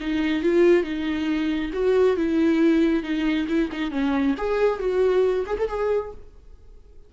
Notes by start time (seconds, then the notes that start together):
0.00 D#4
0.43 F4
0.83 D#4
1.73 F#4
2.17 E4
3.03 D#4
3.48 E4
3.72 D#4
3.91 C#4
4.38 G#4
4.79 F#4
5.47 G#4
5.58 A4
5.68 G#4